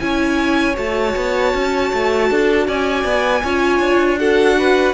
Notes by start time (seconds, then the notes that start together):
0.00 C#4 E4 C#5 G#5
0.75 A3 F#4 A5
1.16 B3
1.54 C#4
1.94 A3
2.30 D4 A4
2.67 C#4 D5 G#5
3.05 B3
3.44 C#4 F4 C#5
3.80 D4
4.19 F#4 A4 F#5
4.59 B4